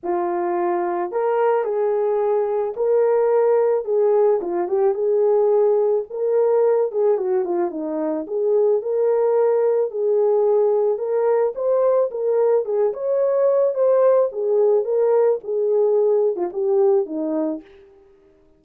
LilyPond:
\new Staff \with { instrumentName = "horn" } { \time 4/4 \tempo 4 = 109 f'2 ais'4 gis'4~ | gis'4 ais'2 gis'4 | f'8 g'8 gis'2 ais'4~ | ais'8 gis'8 fis'8 f'8 dis'4 gis'4 |
ais'2 gis'2 | ais'4 c''4 ais'4 gis'8 cis''8~ | cis''4 c''4 gis'4 ais'4 | gis'4.~ gis'16 f'16 g'4 dis'4 | }